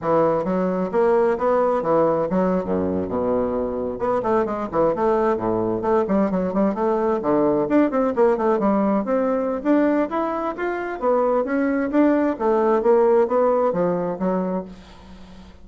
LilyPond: \new Staff \with { instrumentName = "bassoon" } { \time 4/4 \tempo 4 = 131 e4 fis4 ais4 b4 | e4 fis8. fis,4 b,4~ b,16~ | b,8. b8 a8 gis8 e8 a4 a,16~ | a,8. a8 g8 fis8 g8 a4 d16~ |
d8. d'8 c'8 ais8 a8 g4 c'16~ | c'4 d'4 e'4 f'4 | b4 cis'4 d'4 a4 | ais4 b4 f4 fis4 | }